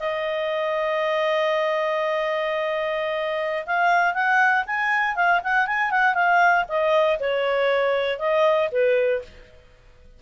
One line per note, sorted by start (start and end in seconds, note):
0.00 3.66 D#5
3.66 4.15 F5
4.15 4.65 F#5
4.67 5.16 G#5
5.16 5.41 F5
5.44 5.67 F#5
5.67 5.91 G#5
5.91 6.15 F#5
6.15 6.65 F5
6.69 7.19 D#5
7.20 8.19 C#5
8.19 8.70 D#5
8.72 9.22 B4